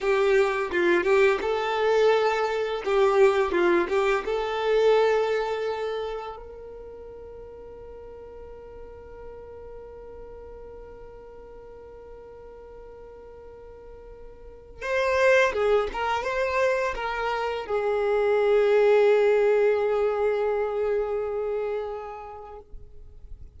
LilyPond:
\new Staff \with { instrumentName = "violin" } { \time 4/4 \tempo 4 = 85 g'4 f'8 g'8 a'2 | g'4 f'8 g'8 a'2~ | a'4 ais'2.~ | ais'1~ |
ais'1~ | ais'4 c''4 gis'8 ais'8 c''4 | ais'4 gis'2.~ | gis'1 | }